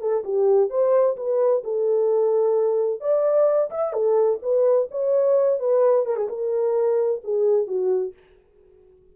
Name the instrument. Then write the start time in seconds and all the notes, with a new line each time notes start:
horn
0.00 A4
0.24 G4
0.70 C5
1.16 B4
1.64 A4
3.00 D5
3.71 E5
3.93 A4
4.42 B4
4.91 C#5
5.59 B4
6.06 A#4
6.16 G#4
6.29 A#4
7.24 G#4
7.67 F#4